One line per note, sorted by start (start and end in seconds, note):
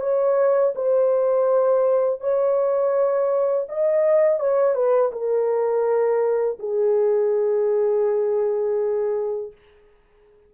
0.00 0.73 C#5
0.75 2.20 C5
2.20 3.67 C#5
3.69 4.39 D#5
4.39 4.74 C#5
4.74 5.11 B4
5.12 6.58 A#4
6.59 9.52 G#4